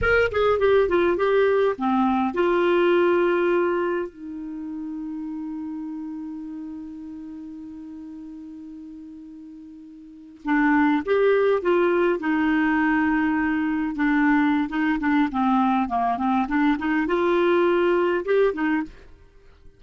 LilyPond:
\new Staff \with { instrumentName = "clarinet" } { \time 4/4 \tempo 4 = 102 ais'8 gis'8 g'8 f'8 g'4 c'4 | f'2. dis'4~ | dis'1~ | dis'1~ |
dis'4.~ dis'16 d'4 g'4 f'16~ | f'8. dis'2. d'16~ | d'4 dis'8 d'8 c'4 ais8 c'8 | d'8 dis'8 f'2 g'8 dis'8 | }